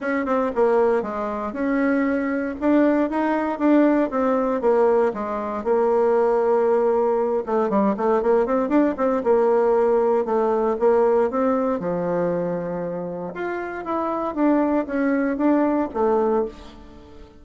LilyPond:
\new Staff \with { instrumentName = "bassoon" } { \time 4/4 \tempo 4 = 117 cis'8 c'8 ais4 gis4 cis'4~ | cis'4 d'4 dis'4 d'4 | c'4 ais4 gis4 ais4~ | ais2~ ais8 a8 g8 a8 |
ais8 c'8 d'8 c'8 ais2 | a4 ais4 c'4 f4~ | f2 f'4 e'4 | d'4 cis'4 d'4 a4 | }